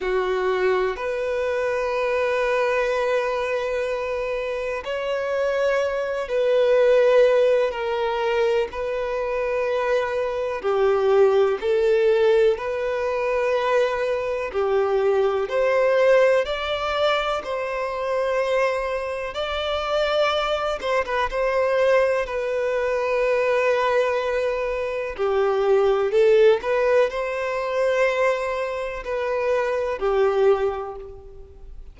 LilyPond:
\new Staff \with { instrumentName = "violin" } { \time 4/4 \tempo 4 = 62 fis'4 b'2.~ | b'4 cis''4. b'4. | ais'4 b'2 g'4 | a'4 b'2 g'4 |
c''4 d''4 c''2 | d''4. c''16 b'16 c''4 b'4~ | b'2 g'4 a'8 b'8 | c''2 b'4 g'4 | }